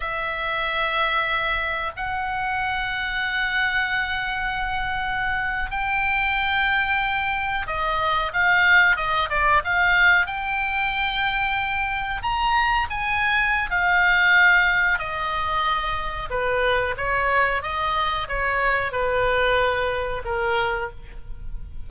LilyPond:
\new Staff \with { instrumentName = "oboe" } { \time 4/4 \tempo 4 = 92 e''2. fis''4~ | fis''1~ | fis''8. g''2. dis''16~ | dis''8. f''4 dis''8 d''8 f''4 g''16~ |
g''2~ g''8. ais''4 gis''16~ | gis''4 f''2 dis''4~ | dis''4 b'4 cis''4 dis''4 | cis''4 b'2 ais'4 | }